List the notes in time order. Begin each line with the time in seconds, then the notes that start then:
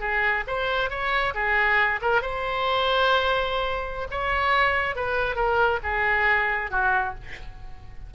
0.00 G#4
0.47 C5
0.90 C#5
1.35 G#4
2.01 A#4
2.21 C5
4.11 C#5
4.96 B4
5.35 A#4
5.83 G#4
6.71 F#4